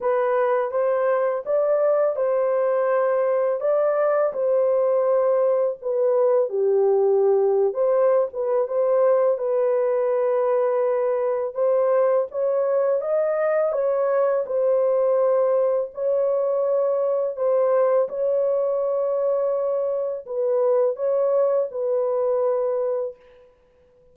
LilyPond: \new Staff \with { instrumentName = "horn" } { \time 4/4 \tempo 4 = 83 b'4 c''4 d''4 c''4~ | c''4 d''4 c''2 | b'4 g'4.~ g'16 c''8. b'8 | c''4 b'2. |
c''4 cis''4 dis''4 cis''4 | c''2 cis''2 | c''4 cis''2. | b'4 cis''4 b'2 | }